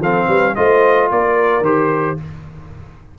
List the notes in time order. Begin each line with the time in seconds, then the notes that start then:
0.00 F3 C4 A4 F5
0.28 G3 B4
0.56 A3 F4 C5 D#5
1.12 A#3 A#4 D5
1.61 D#3 G4 C5